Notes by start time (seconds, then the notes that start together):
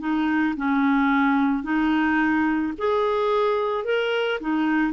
0.00 D#4
0.57 C#4
1.64 D#4
2.78 G#4
3.85 A#4
4.41 D#4